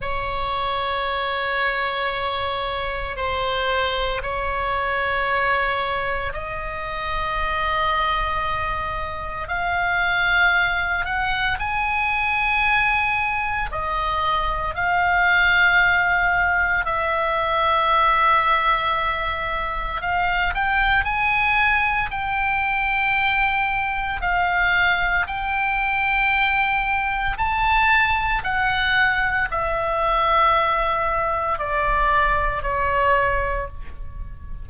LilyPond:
\new Staff \with { instrumentName = "oboe" } { \time 4/4 \tempo 4 = 57 cis''2. c''4 | cis''2 dis''2~ | dis''4 f''4. fis''8 gis''4~ | gis''4 dis''4 f''2 |
e''2. f''8 g''8 | gis''4 g''2 f''4 | g''2 a''4 fis''4 | e''2 d''4 cis''4 | }